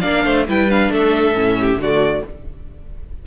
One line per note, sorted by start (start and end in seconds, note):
0.00 0.25 A#3
0.00 0.46 D4
0.00 0.23 D5
0.00 0.44 F5
0.25 0.48 A3
0.25 0.47 C5
0.48 0.89 G3
0.48 0.70 E4
0.48 0.92 B4
0.48 0.70 G5
0.70 1.35 D4
0.70 0.93 F5
0.89 1.33 A3
0.89 1.58 A4
0.89 1.81 E5
1.35 1.77 A2
1.35 1.79 C#4
1.61 1.81 G4
1.77 2.21 D3
1.77 2.26 A3
1.77 2.25 F#4
1.77 2.26 D5